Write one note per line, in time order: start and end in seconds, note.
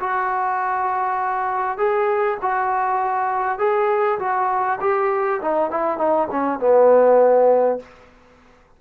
0.00 1.78 F#4
1.78 2.38 G#4
2.42 3.59 F#4
3.59 4.19 G#4
4.19 4.79 F#4
4.81 5.41 G4
5.42 5.71 D#4
5.71 5.98 E4
5.98 6.28 D#4
6.31 6.60 C#4
6.60 7.80 B3